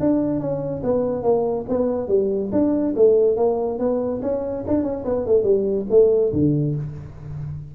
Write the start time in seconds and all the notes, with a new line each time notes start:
0.00 D4
0.40 C#4
0.83 B3
1.23 A#3
1.69 B3
2.08 G3
2.52 D4
2.96 A3
3.36 A#3
3.79 B3
4.22 C#4
4.67 D4
4.83 C#4
5.05 B3
5.26 A3
5.44 G3
5.90 A3
6.33 D3